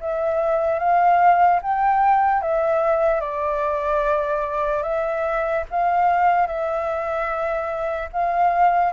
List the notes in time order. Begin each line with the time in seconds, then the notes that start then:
0.00 E5
0.79 F5
1.62 G5
2.41 E5
3.20 D5
4.82 E5
5.70 F5
6.46 E5
8.12 F5